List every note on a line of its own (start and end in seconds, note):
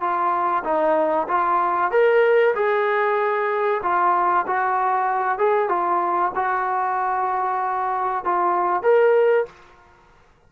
0.00 0.63 F4
0.64 1.27 D#4
1.28 1.91 F4
1.91 2.54 A#4
2.55 3.81 G#4
3.82 4.46 F4
4.47 5.38 F#4
5.38 5.68 G#4
5.68 6.32 F4
6.35 8.24 F#4
8.24 8.82 F4
8.82 9.45 A#4